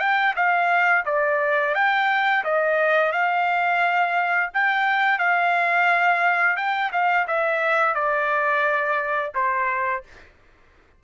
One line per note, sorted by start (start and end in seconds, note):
0.00 0.34 G5
0.36 1.05 F5
1.06 1.75 D5
1.75 2.44 G5
2.45 3.13 D#5
3.13 4.51 F5
4.55 5.19 G5
5.19 6.57 F5
6.57 6.92 G5
6.93 7.27 F5
7.28 7.95 E5
7.95 9.33 D5
9.35 10.04 C5